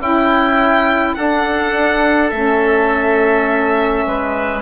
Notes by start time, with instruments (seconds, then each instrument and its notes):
0.00 bassoon C#4, oboe E4, saxophone E4, violin G5
1.15 saxophone D4, bassoon D4, oboe A4, violin F#5
2.31 bassoon A3, saxophone C#4, violin E5
4.06 bassoon G#3, oboe B4